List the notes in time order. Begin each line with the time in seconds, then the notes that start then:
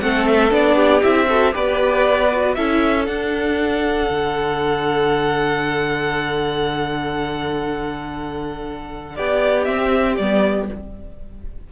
0.00 A3 C4 A4 F#5
0.27 E5
0.50 B3 D4 D5
0.75 G4
1.02 C4 E4 E5
1.28 F#4 A4
1.52 B3 G4 B4 D5
2.32 F#4
2.54 C#4 E4 A4 E5
3.06 D4 F#5
4.10 D3
9.15 B3 G4 D5
9.64 C4 E5
10.17 G3 B3 D5